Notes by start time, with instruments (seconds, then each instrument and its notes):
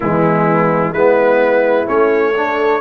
0.00 tuba E3, trombone G#3, horn B3, trumpet E4
0.92 tuba G#3, trombone B3, horn E4, trumpet B4
1.86 tuba A3, trombone C#4, trumpet C#5
2.34 trombone D4, horn A4